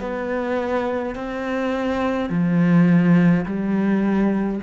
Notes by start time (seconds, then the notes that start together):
0.00 B3
1.15 C4
2.30 F3
3.46 G3